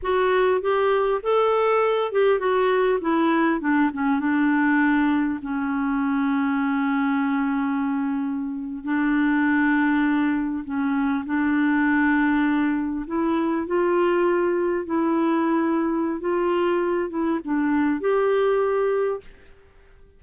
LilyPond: \new Staff \with { instrumentName = "clarinet" } { \time 4/4 \tempo 4 = 100 fis'4 g'4 a'4. g'8 | fis'4 e'4 d'8 cis'8 d'4~ | d'4 cis'2.~ | cis'2~ cis'8. d'4~ d'16~ |
d'4.~ d'16 cis'4 d'4~ d'16~ | d'4.~ d'16 e'4 f'4~ f'16~ | f'8. e'2~ e'16 f'4~ | f'8 e'8 d'4 g'2 | }